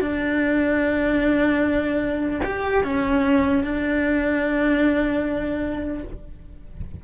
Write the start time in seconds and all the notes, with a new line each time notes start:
0.00 D4
2.44 G4
2.83 C#4
3.64 D4